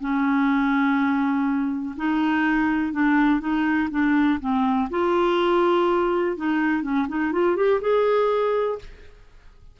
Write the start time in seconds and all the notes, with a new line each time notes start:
0.00 C#4
1.96 D#4
2.92 D4
3.40 D#4
3.90 D4
4.40 C4
4.90 F4
6.36 D#4
6.82 C#4
7.08 D#4
7.32 F4
7.56 G4
7.81 G#4